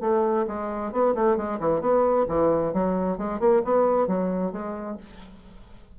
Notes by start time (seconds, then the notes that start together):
0.00 A3
0.47 G#3
0.92 B3
1.14 A3
1.36 G#3
1.59 E3
1.81 B3
2.28 E3
2.73 F#3
3.17 G#3
3.39 A#3
3.64 B3
4.07 F#3
4.52 G#3